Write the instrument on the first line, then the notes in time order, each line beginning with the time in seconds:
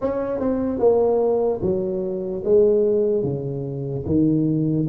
tuba
0.01 C#4
0.39 C4
0.79 A#3
1.61 F#3
2.44 G#3
3.23 C#3
4.05 D#3